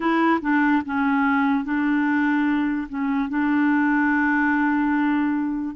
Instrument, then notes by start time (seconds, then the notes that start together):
clarinet
0.00 E4
0.41 D4
0.85 C#4
1.64 D4
2.88 C#4
3.29 D4